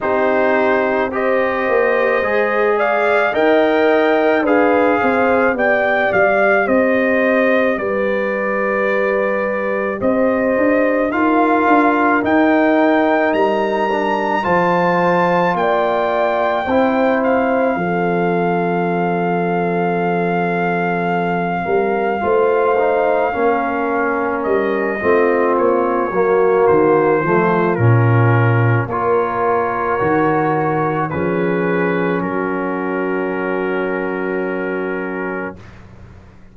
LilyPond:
<<
  \new Staff \with { instrumentName = "trumpet" } { \time 4/4 \tempo 4 = 54 c''4 dis''4. f''8 g''4 | f''4 g''8 f''8 dis''4 d''4~ | d''4 dis''4 f''4 g''4 | ais''4 a''4 g''4. f''8~ |
f''1~ | f''2 dis''4 cis''4 | c''4 ais'4 cis''2 | b'4 ais'2. | }
  \new Staff \with { instrumentName = "horn" } { \time 4/4 g'4 c''4. d''8 dis''4 | b'8 c''8 d''4 c''4 b'4~ | b'4 c''4 ais'2~ | ais'4 c''4 d''4 c''4 |
a'2.~ a'8 ais'8 | c''4 ais'4. f'4 fis'8~ | fis'8 f'4. ais'2 | gis'4 fis'2. | }
  \new Staff \with { instrumentName = "trombone" } { \time 4/4 dis'4 g'4 gis'4 ais'4 | gis'4 g'2.~ | g'2 f'4 dis'4~ | dis'8 d'8 f'2 e'4 |
c'1 | f'8 dis'8 cis'4. c'4 ais8~ | ais8 a8 cis'4 f'4 fis'4 | cis'1 | }
  \new Staff \with { instrumentName = "tuba" } { \time 4/4 c'4. ais8 gis4 dis'4 | d'8 c'8 b8 g8 c'4 g4~ | g4 c'8 d'8 dis'8 d'8 dis'4 | g4 f4 ais4 c'4 |
f2.~ f8 g8 | a4 ais4 g8 a8 ais8 fis8 | dis8 f8 ais,4 ais4 dis4 | f4 fis2. | }
>>